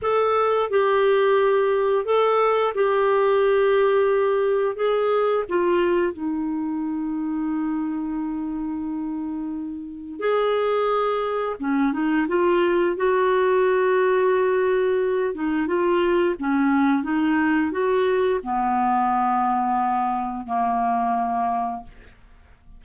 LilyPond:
\new Staff \with { instrumentName = "clarinet" } { \time 4/4 \tempo 4 = 88 a'4 g'2 a'4 | g'2. gis'4 | f'4 dis'2.~ | dis'2. gis'4~ |
gis'4 cis'8 dis'8 f'4 fis'4~ | fis'2~ fis'8 dis'8 f'4 | cis'4 dis'4 fis'4 b4~ | b2 ais2 | }